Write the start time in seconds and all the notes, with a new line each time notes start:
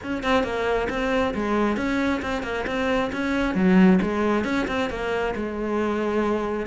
0.03 C#4
0.23 C4
0.43 A#3
0.89 C4
1.34 G#3
1.76 C#4
2.22 C4
2.42 A#3
2.66 C4
3.12 C#4
3.55 F#3
4.02 G#3
4.44 C#4
4.67 C4
4.89 A#3
5.35 G#3